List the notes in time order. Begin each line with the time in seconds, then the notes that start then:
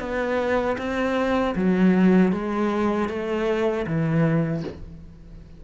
0.00 B3
0.78 C4
1.56 F#3
2.33 G#3
3.09 A3
3.87 E3